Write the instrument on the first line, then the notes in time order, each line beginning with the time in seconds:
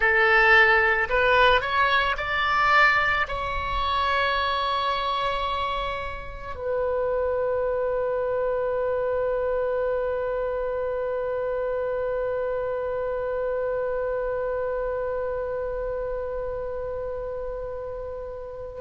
oboe
0.00 A4
1.09 B4
1.61 C#5
2.17 D5
3.28 C#5
6.55 B4